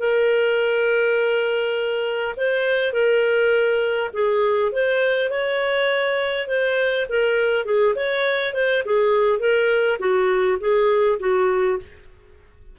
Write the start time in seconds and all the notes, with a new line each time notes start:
0.00 A#4
2.37 C5
2.93 A#4
4.14 G#4
4.72 C5
5.30 C#5
6.48 C5
7.10 A#4
7.66 G#4
7.96 C#5
8.54 C5
8.86 G#4
9.40 A#4
9.99 F#4
10.60 G#4
11.20 F#4